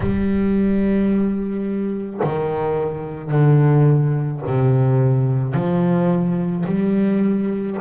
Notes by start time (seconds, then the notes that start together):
0.00 G3
2.23 D#3
3.30 D3
4.46 C3
5.54 F3
6.66 G3